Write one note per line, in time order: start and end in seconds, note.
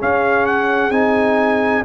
0.00 0.91 C#4
0.00 0.89 C#4
0.00 1.84 G#4
0.00 0.46 F5
0.46 0.91 F#5
0.89 1.82 C4
0.89 1.83 D#4
0.89 1.83 G#5